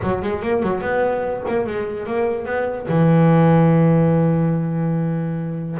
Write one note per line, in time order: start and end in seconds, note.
0.02 0.22 F#3
0.22 0.42 G#3
0.42 0.62 A#3
0.62 0.81 F#3
0.81 1.43 B3
1.48 1.66 A#3
1.66 2.06 G#3
2.06 2.45 A#3
2.45 2.86 B3
2.88 5.78 E3